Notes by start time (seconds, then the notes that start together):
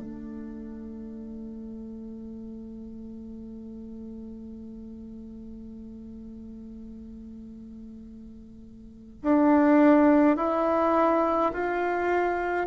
0.00 A3
9.23 D4
10.37 E4
11.53 F4